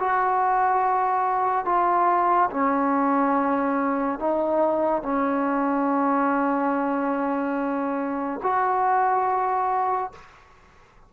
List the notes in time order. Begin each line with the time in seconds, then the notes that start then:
0.00 F#4
1.66 F4
2.50 C#4
4.19 D#4
5.03 C#4
8.43 F#4